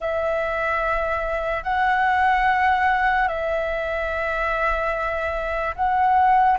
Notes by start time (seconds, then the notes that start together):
0.00 E5
1.63 F#5
3.28 E5
5.75 F#5